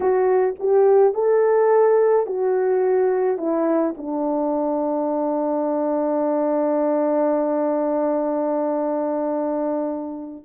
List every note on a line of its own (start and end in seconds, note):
0.00 0.55 F#4
0.59 1.13 G4
1.13 2.26 A4
2.26 3.37 F#4
3.37 3.94 E4
3.97 10.44 D4